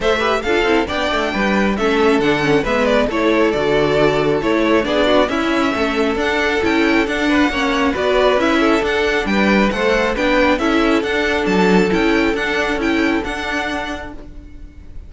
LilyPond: <<
  \new Staff \with { instrumentName = "violin" } { \time 4/4 \tempo 4 = 136 e''4 f''4 g''2 | e''4 fis''4 e''8 d''8 cis''4 | d''2 cis''4 d''4 | e''2 fis''4 g''4 |
fis''2 d''4 e''4 | fis''4 g''4 fis''4 g''4 | e''4 fis''4 a''4 g''4 | fis''4 g''4 fis''2 | }
  \new Staff \with { instrumentName = "violin" } { \time 4/4 c''8 b'8 a'4 d''4 b'4 | a'2 b'4 a'4~ | a'2. gis'8 fis'8 | e'4 a'2.~ |
a'8 b'8 cis''4 b'4. a'8~ | a'4 b'4 c''4 b'4 | a'1~ | a'1 | }
  \new Staff \with { instrumentName = "viola" } { \time 4/4 a'8 g'8 f'8 e'8 d'2 | cis'4 d'8 cis'8 b4 e'4 | fis'2 e'4 d'4 | cis'2 d'4 e'4 |
d'4 cis'4 fis'4 e'4 | d'2 a'4 d'4 | e'4 d'2 e'4 | d'4 e'4 d'2 | }
  \new Staff \with { instrumentName = "cello" } { \time 4/4 a4 d'8 c'8 b8 a8 g4 | a4 d4 gis4 a4 | d2 a4 b4 | cis'4 a4 d'4 cis'4 |
d'4 ais4 b4 cis'4 | d'4 g4 a4 b4 | cis'4 d'4 fis4 cis'4 | d'4 cis'4 d'2 | }
>>